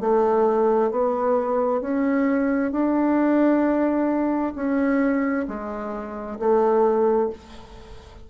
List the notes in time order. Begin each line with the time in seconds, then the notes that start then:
0.00 A3
0.91 B3
1.81 C#4
2.71 D4
4.55 C#4
5.48 G#3
6.38 A3